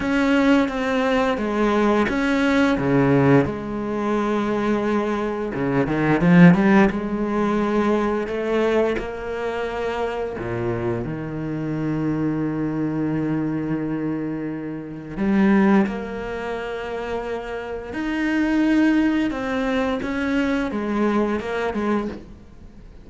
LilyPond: \new Staff \with { instrumentName = "cello" } { \time 4/4 \tempo 4 = 87 cis'4 c'4 gis4 cis'4 | cis4 gis2. | cis8 dis8 f8 g8 gis2 | a4 ais2 ais,4 |
dis1~ | dis2 g4 ais4~ | ais2 dis'2 | c'4 cis'4 gis4 ais8 gis8 | }